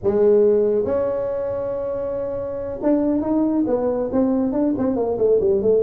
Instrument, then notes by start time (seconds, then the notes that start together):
tuba
0.03 G#3
0.85 C#4
2.82 D4
3.21 D#4
3.66 B3
4.11 C4
4.52 D4
4.77 C4
4.96 A#3
5.18 A3
5.40 G3
5.61 A3